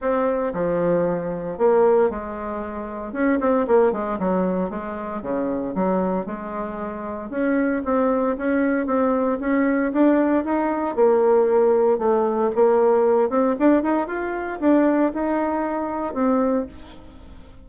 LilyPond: \new Staff \with { instrumentName = "bassoon" } { \time 4/4 \tempo 4 = 115 c'4 f2 ais4 | gis2 cis'8 c'8 ais8 gis8 | fis4 gis4 cis4 fis4 | gis2 cis'4 c'4 |
cis'4 c'4 cis'4 d'4 | dis'4 ais2 a4 | ais4. c'8 d'8 dis'8 f'4 | d'4 dis'2 c'4 | }